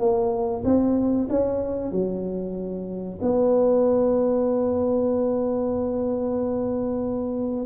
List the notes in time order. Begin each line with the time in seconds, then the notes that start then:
0.00 A#3
0.65 C4
1.30 C#4
1.92 F#3
3.22 B3